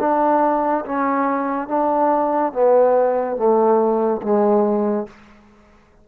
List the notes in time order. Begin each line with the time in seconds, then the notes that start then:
0.00 D4
0.85 C#4
1.68 D4
2.52 B3
3.36 A3
4.22 G#3